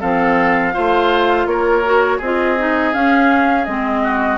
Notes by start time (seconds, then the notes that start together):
0.00 F3 C4 A4 F5
0.73 A3 F4 C5
1.46 A#3 A#4 C#5
1.84 F#4
2.17 C4 G#4 D#5
2.24 F4
2.57 D#4
2.93 C#4 F5
3.64 G#3 C4 D#5
4.03 F#4